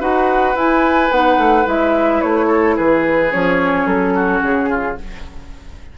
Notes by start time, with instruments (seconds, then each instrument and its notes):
0.00 bassoon D#4, clarinet F#4, oboe B4, flute F#5
0.55 bassoon E4, clarinet E4, flute G#5
1.11 bassoon B3, clarinet D#4, flute F#5
1.38 bassoon A3
1.66 bassoon G#3, clarinet E4, flute E5
2.21 bassoon A3, flute C#5
2.47 oboe A4
2.77 bassoon E3, oboe G#4, flute B4
3.31 bassoon F3, clarinet C#4, flute C#5
3.86 bassoon F#3, flute A4
4.15 oboe F#4
4.42 bassoon C#3, flute G#4
4.70 oboe F4